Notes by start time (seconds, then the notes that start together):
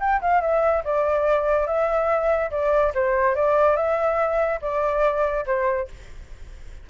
0.00 G5
0.21 F5
0.41 E5
0.84 D5
1.66 E5
2.51 D5
2.94 C5
3.35 D5
3.76 E5
4.61 D5
5.46 C5